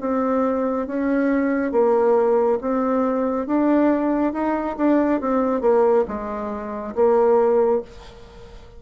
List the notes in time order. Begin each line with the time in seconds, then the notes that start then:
0.00 C4
0.87 C#4
1.72 A#3
2.60 C4
3.46 D4
4.33 D#4
4.77 D4
5.20 C4
5.61 A#3
6.08 G#3
6.95 A#3